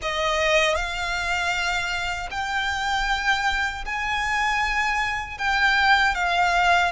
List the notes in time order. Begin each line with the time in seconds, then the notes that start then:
0.01 D#5
0.75 F5
2.30 G5
3.85 G#5
5.37 G5
6.14 F5